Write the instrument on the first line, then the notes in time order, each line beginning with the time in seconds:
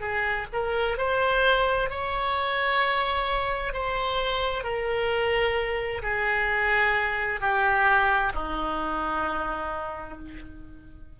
oboe
0.00 G#4
0.52 A#4
0.97 C5
1.90 C#5
3.73 C5
4.63 A#4
6.02 G#4
7.40 G4
8.33 D#4